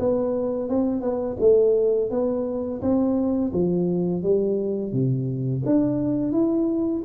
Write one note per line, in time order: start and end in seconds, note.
0.00 0.69 B3
0.69 1.01 C4
1.01 1.37 B3
1.40 2.10 A3
2.10 2.81 B3
2.82 3.52 C4
3.53 4.23 F3
4.23 4.93 G3
4.93 5.63 C3
5.66 6.32 D4
6.32 7.03 E4